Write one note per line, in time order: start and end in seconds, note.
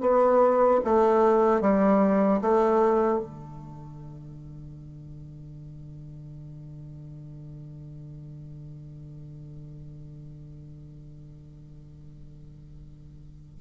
0.00 0.80 B3
0.84 1.61 A3
1.61 2.41 G3
2.41 3.19 A3
3.19 13.59 D3